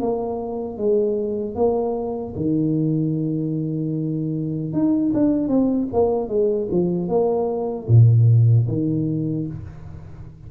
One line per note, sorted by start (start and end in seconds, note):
0.00 0.78 A#3
0.78 1.55 G#3
1.55 2.34 A#3
2.36 4.73 D#3
4.73 5.12 D#4
5.14 5.48 D4
5.48 5.87 C4
5.93 6.28 A#3
6.28 6.68 G#3
6.71 7.08 F3
7.08 7.87 A#3
7.88 8.67 A#2
8.68 9.47 D#3